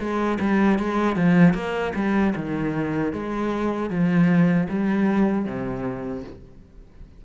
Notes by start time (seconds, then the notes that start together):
0.00 G#3
0.41 G3
0.79 G#3
1.17 F3
1.54 A#3
1.96 G3
2.36 D#3
3.13 G#3
3.90 F3
4.70 G3
5.46 C3